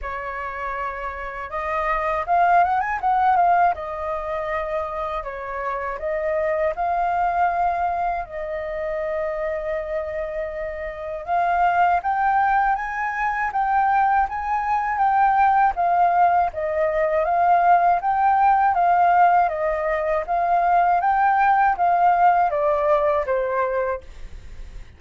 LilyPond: \new Staff \with { instrumentName = "flute" } { \time 4/4 \tempo 4 = 80 cis''2 dis''4 f''8 fis''16 gis''16 | fis''8 f''8 dis''2 cis''4 | dis''4 f''2 dis''4~ | dis''2. f''4 |
g''4 gis''4 g''4 gis''4 | g''4 f''4 dis''4 f''4 | g''4 f''4 dis''4 f''4 | g''4 f''4 d''4 c''4 | }